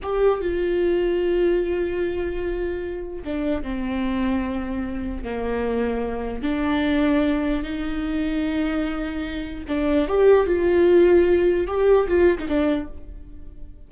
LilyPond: \new Staff \with { instrumentName = "viola" } { \time 4/4 \tempo 4 = 149 g'4 f'2.~ | f'1 | d'4 c'2.~ | c'4 ais2. |
d'2. dis'4~ | dis'1 | d'4 g'4 f'2~ | f'4 g'4 f'8. dis'16 d'4 | }